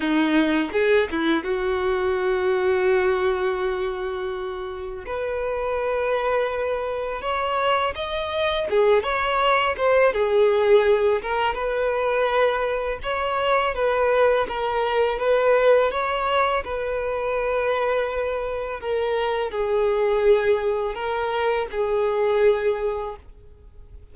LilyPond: \new Staff \with { instrumentName = "violin" } { \time 4/4 \tempo 4 = 83 dis'4 gis'8 e'8 fis'2~ | fis'2. b'4~ | b'2 cis''4 dis''4 | gis'8 cis''4 c''8 gis'4. ais'8 |
b'2 cis''4 b'4 | ais'4 b'4 cis''4 b'4~ | b'2 ais'4 gis'4~ | gis'4 ais'4 gis'2 | }